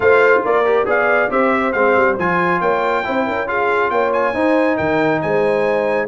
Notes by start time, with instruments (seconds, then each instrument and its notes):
0.00 tuba A3, trombone F4, horn C5, trumpet F5
0.44 tuba A#3, horn A#4, trumpet D5
0.65 trombone G4
0.85 tuba B3, trombone G#4, horn D5, trumpet F5
1.29 tuba C4, trombone G4, horn C5, trumpet E5
1.72 tuba G#3, trombone C4, trumpet F5
1.95 tuba G3
2.18 tuba F3, trombone F4, trumpet G#5
2.60 tuba A#3, horn C#5, trumpet G5
3.04 tuba C4, trombone E4, horn C5
3.26 tuba C#4, horn A#4
3.46 trombone F4, horn G#4, trumpet F5
3.90 tuba A#3, horn C#5, trumpet G5
4.12 trumpet G#5
4.34 tuba D#4, trombone D#4, horn C5
4.77 tuba D#3, horn A#4, trumpet G5
5.21 tuba G#3, horn C5, trumpet G#5